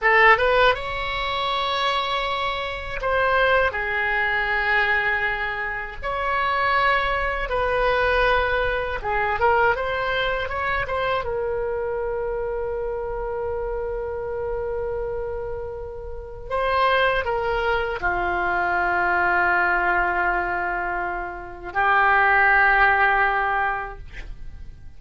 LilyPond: \new Staff \with { instrumentName = "oboe" } { \time 4/4 \tempo 4 = 80 a'8 b'8 cis''2. | c''4 gis'2. | cis''2 b'2 | gis'8 ais'8 c''4 cis''8 c''8 ais'4~ |
ais'1~ | ais'2 c''4 ais'4 | f'1~ | f'4 g'2. | }